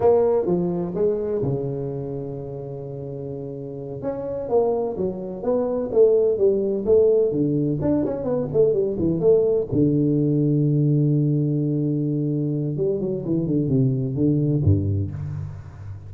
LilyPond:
\new Staff \with { instrumentName = "tuba" } { \time 4/4 \tempo 4 = 127 ais4 f4 gis4 cis4~ | cis1~ | cis8 cis'4 ais4 fis4 b8~ | b8 a4 g4 a4 d8~ |
d8 d'8 cis'8 b8 a8 g8 e8 a8~ | a8 d2.~ d8~ | d2. g8 fis8 | e8 d8 c4 d4 g,4 | }